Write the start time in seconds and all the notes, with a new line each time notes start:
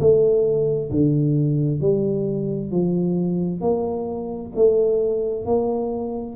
0.00 A3
0.91 D3
1.81 G3
2.71 F3
3.62 A#3
4.56 A3
5.45 A#3